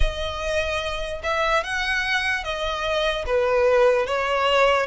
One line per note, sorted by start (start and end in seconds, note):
0.00 1.22 D#5
1.23 1.63 E5
1.63 2.44 F#5
2.44 3.25 D#5
3.25 4.06 B4
4.06 4.86 C#5